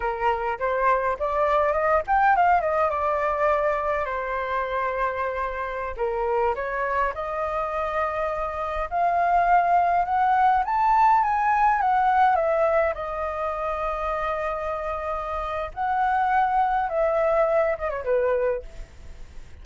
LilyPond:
\new Staff \with { instrumentName = "flute" } { \time 4/4 \tempo 4 = 103 ais'4 c''4 d''4 dis''8 g''8 | f''8 dis''8 d''2 c''4~ | c''2~ c''16 ais'4 cis''8.~ | cis''16 dis''2. f''8.~ |
f''4~ f''16 fis''4 a''4 gis''8.~ | gis''16 fis''4 e''4 dis''4.~ dis''16~ | dis''2. fis''4~ | fis''4 e''4. dis''16 cis''16 b'4 | }